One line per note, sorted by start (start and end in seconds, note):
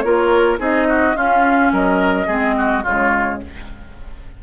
0.00 0.59 A#3
0.00 0.58 F4
0.00 0.59 A#4
0.00 0.56 C#5
0.58 1.15 C4
0.58 1.14 D#4
0.58 0.87 G#4
0.58 1.16 D#5
0.88 1.16 F#4
1.15 2.27 C#4
1.15 1.72 C#4
1.15 1.72 F4
1.15 1.72 F5
1.72 2.27 F#3
1.72 2.27 A#4
1.72 2.85 D#5
2.27 2.84 G#3
2.27 2.84 C4
2.27 2.55 G#4
2.57 2.83 F#4
2.83 3.42 C#3
2.83 3.42 G#3
2.83 3.39 F4
2.83 3.41 C#5